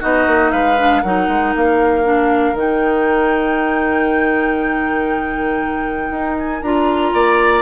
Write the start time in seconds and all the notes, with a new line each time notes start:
0.00 B3 D#4 F#4 D#5
0.26 A#3
0.51 G#3 B4 F5
0.78 D4
1.02 F#3 D#4 A#4 F#5
1.28 G#3
1.56 A#3 F5
2.04 D4
2.53 D#3 D#4
2.59 G5
6.10 D#4
6.38 G#5
6.62 D4 F4 A#5
7.13 A#3 D5